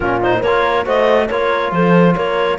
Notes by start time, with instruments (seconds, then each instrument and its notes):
0.00 cello A#2, trombone C#4, horn F4, clarinet A#4
0.21 trombone D#4, clarinet C5
0.39 cello A#3, horn A#4, clarinet C#5
0.46 trombone F4
0.85 cello A3, trombone F#4, horn C5, clarinet D#5
1.29 cello A#3, trombone F4, horn A#4, clarinet C#5
1.71 cello F3, horn A4, clarinet C5
2.15 cello A#3, horn A#4, clarinet C#5